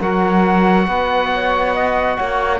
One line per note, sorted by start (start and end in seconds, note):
0.00 0.88 F#3
0.00 2.60 F#4
0.00 0.86 A#4
0.00 2.60 F#5
0.86 2.18 B3
0.86 1.29 B4
1.33 1.74 C#5
1.74 2.16 D#5
2.16 2.60 A#3
2.16 2.59 C#5